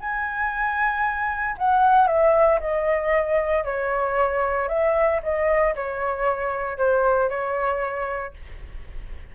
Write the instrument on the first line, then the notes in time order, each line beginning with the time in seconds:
flute
0.00 G#5
1.58 F#5
2.07 E5
2.60 D#5
3.65 C#5
4.69 E5
5.23 D#5
5.75 C#5
6.78 C5
7.29 C#5